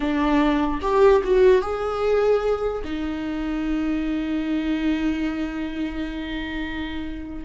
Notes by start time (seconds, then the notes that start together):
0.00 D4
0.81 G4
1.24 F#4
1.61 G#4
2.84 D#4